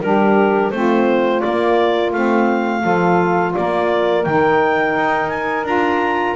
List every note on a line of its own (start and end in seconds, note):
0.00 0.71 G3
0.00 0.71 D4
0.00 0.72 G4
0.00 0.70 A#4
0.70 1.42 A3
0.70 1.42 C4
0.70 2.81 F4
0.70 1.40 C5
1.40 2.12 A#3
1.40 2.13 A#3
1.40 2.11 D5
2.12 2.84 A3
2.12 2.81 C4
2.12 3.53 F5
2.81 3.54 F3
2.81 4.22 F4
2.81 3.52 A4
3.54 4.25 A#3
3.54 6.35 A#4
3.54 4.24 D5
4.24 4.95 D#3
4.24 5.65 D#4
4.24 5.28 G5
4.95 5.64 D#4
5.28 5.64 G#5
5.64 6.34 D4
5.64 6.35 F4
5.64 6.35 A#5